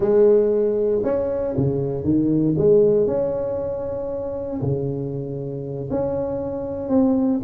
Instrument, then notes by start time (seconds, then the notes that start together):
tuba
0.00 G#3
1.03 C#4
1.56 C#3
2.03 D#3
2.57 G#3
3.07 C#4
4.61 C#3
5.90 C#4
6.89 C4